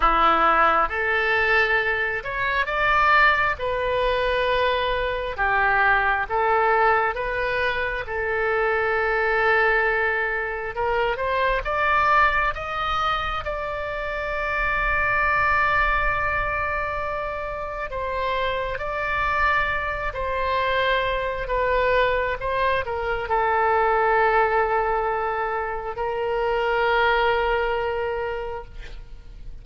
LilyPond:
\new Staff \with { instrumentName = "oboe" } { \time 4/4 \tempo 4 = 67 e'4 a'4. cis''8 d''4 | b'2 g'4 a'4 | b'4 a'2. | ais'8 c''8 d''4 dis''4 d''4~ |
d''1 | c''4 d''4. c''4. | b'4 c''8 ais'8 a'2~ | a'4 ais'2. | }